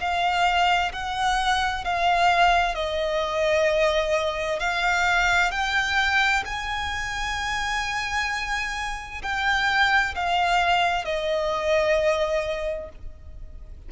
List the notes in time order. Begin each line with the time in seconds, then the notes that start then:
0.00 F5
0.93 F#5
1.84 F5
2.75 D#5
4.59 F5
5.51 G5
6.45 G#5
9.22 G5
10.15 F5
11.05 D#5